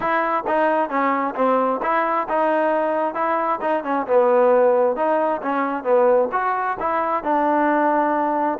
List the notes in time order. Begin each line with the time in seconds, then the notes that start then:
0.00 E4
0.47 D#4
0.89 C#4
1.35 C4
1.82 E4
2.28 D#4
3.14 E4
3.61 D#4
3.83 C#4
4.06 B3
4.96 D#4
5.41 C#4
5.83 B3
6.32 F#4
6.79 E4
7.23 D4